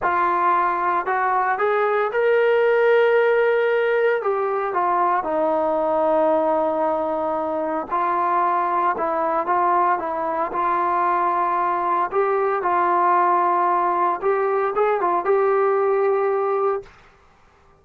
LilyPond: \new Staff \with { instrumentName = "trombone" } { \time 4/4 \tempo 4 = 114 f'2 fis'4 gis'4 | ais'1 | g'4 f'4 dis'2~ | dis'2. f'4~ |
f'4 e'4 f'4 e'4 | f'2. g'4 | f'2. g'4 | gis'8 f'8 g'2. | }